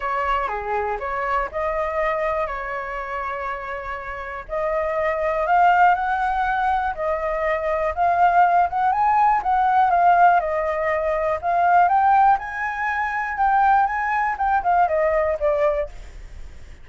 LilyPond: \new Staff \with { instrumentName = "flute" } { \time 4/4 \tempo 4 = 121 cis''4 gis'4 cis''4 dis''4~ | dis''4 cis''2.~ | cis''4 dis''2 f''4 | fis''2 dis''2 |
f''4. fis''8 gis''4 fis''4 | f''4 dis''2 f''4 | g''4 gis''2 g''4 | gis''4 g''8 f''8 dis''4 d''4 | }